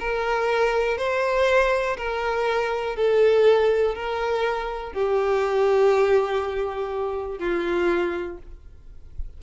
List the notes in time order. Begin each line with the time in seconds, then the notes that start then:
0.00 A#4
0.98 C5
1.97 A#4
2.96 A4
3.95 A#4
4.93 G4
7.39 F4